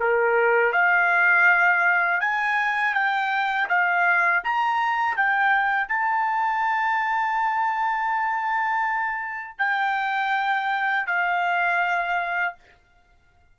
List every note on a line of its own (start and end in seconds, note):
0.00 0.72 A#4
0.72 2.21 F5
2.21 2.94 G#5
2.94 3.68 G5
3.69 4.43 F5
4.44 5.16 A#5
5.16 5.89 G5
5.89 9.59 A5
9.59 11.07 G5
11.07 12.55 F5